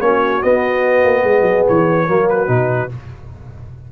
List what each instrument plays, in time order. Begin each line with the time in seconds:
0.00 tuba A#3, trombone C#4, horn F#4, trumpet C#5
0.42 trombone B3, tuba B3, trumpet D#5
1.04 tuba A#3
1.23 tuba G#3, horn G#4
1.41 tuba F#3
1.67 tuba E3, trumpet C#5
2.07 tuba F#3, trombone A#3, horn F#4
2.29 trumpet B4
2.47 tuba B2, trombone D#4